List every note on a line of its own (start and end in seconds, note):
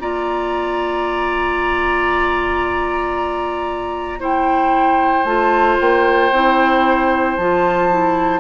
0.00 5.24 A#3
0.00 4.20 F4
0.00 4.20 D5
0.00 4.21 A#5
4.20 5.25 E4
4.20 8.40 C5
4.20 5.25 G5
5.24 5.77 A3
5.24 6.31 F4
5.24 5.77 A5
5.80 6.31 A#3
5.80 7.36 G5
6.31 7.36 C4
6.31 7.39 E4
7.36 8.40 F3
7.36 7.91 F4
7.36 8.40 A5
7.91 8.40 E4